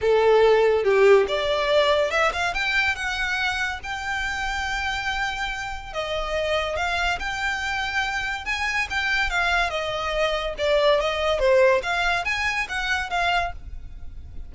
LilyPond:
\new Staff \with { instrumentName = "violin" } { \time 4/4 \tempo 4 = 142 a'2 g'4 d''4~ | d''4 e''8 f''8 g''4 fis''4~ | fis''4 g''2.~ | g''2 dis''2 |
f''4 g''2. | gis''4 g''4 f''4 dis''4~ | dis''4 d''4 dis''4 c''4 | f''4 gis''4 fis''4 f''4 | }